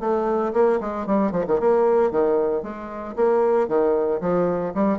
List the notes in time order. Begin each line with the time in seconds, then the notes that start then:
0.00 A3
0.53 A#3
0.80 G#3
1.06 G3
1.32 F3
1.47 D#3
1.60 A#3
2.11 D#3
2.63 G#3
3.16 A#3
3.68 D#3
4.21 F3
4.74 G3